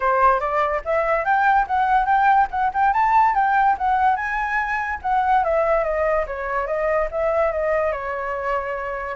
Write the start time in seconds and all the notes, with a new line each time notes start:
0.00 C5
0.40 D5
0.84 E5
1.24 G5
1.67 F#5
2.05 G5
2.50 F#5
2.73 G5
2.93 A5
3.34 G5
3.77 F#5
4.16 G#5
5.02 F#5
5.44 E5
5.83 D#5
6.26 C#5
6.66 D#5
7.11 E5
7.52 D#5
7.91 C#5